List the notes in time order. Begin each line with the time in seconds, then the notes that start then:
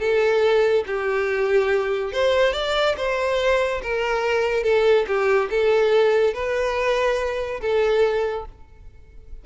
0.00 A4
0.87 G4
2.13 C5
2.53 D5
2.97 C5
3.83 A#4
4.64 A4
5.07 G4
5.50 A4
6.34 B4
7.61 A4